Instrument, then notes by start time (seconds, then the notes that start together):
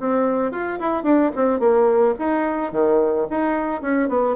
bassoon
0.00 C4
0.52 F4
0.80 E4
1.04 D4
1.36 C4
1.60 A#3
2.19 D#4
2.72 D#3
3.31 D#4
3.82 C#4
4.09 B3